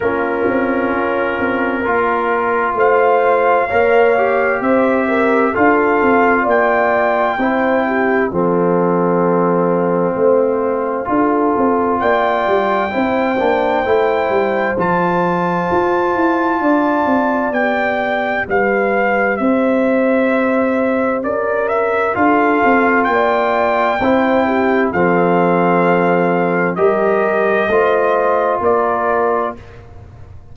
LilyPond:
<<
  \new Staff \with { instrumentName = "trumpet" } { \time 4/4 \tempo 4 = 65 ais'2. f''4~ | f''4 e''4 f''4 g''4~ | g''4 f''2.~ | f''4 g''2. |
a''2. g''4 | f''4 e''2 d''8 e''8 | f''4 g''2 f''4~ | f''4 dis''2 d''4 | }
  \new Staff \with { instrumentName = "horn" } { \time 4/4 f'2 ais'4 c''4 | cis''4 c''8 ais'8 a'4 d''4 | c''8 g'8 a'2 c''4 | a'4 d''4 c''2~ |
c''2 d''2 | b'4 c''2 ais'4 | a'4 d''4 c''8 g'8 a'4~ | a'4 ais'4 c''4 ais'4 | }
  \new Staff \with { instrumentName = "trombone" } { \time 4/4 cis'2 f'2 | ais'8 g'4. f'2 | e'4 c'2. | f'2 e'8 d'8 e'4 |
f'2. g'4~ | g'1 | f'2 e'4 c'4~ | c'4 g'4 f'2 | }
  \new Staff \with { instrumentName = "tuba" } { \time 4/4 ais8 c'8 cis'8 c'8 ais4 a4 | ais4 c'4 d'8 c'8 ais4 | c'4 f2 a4 | d'8 c'8 ais8 g8 c'8 ais8 a8 g8 |
f4 f'8 e'8 d'8 c'8 b4 | g4 c'2 cis'4 | d'8 c'8 ais4 c'4 f4~ | f4 g4 a4 ais4 | }
>>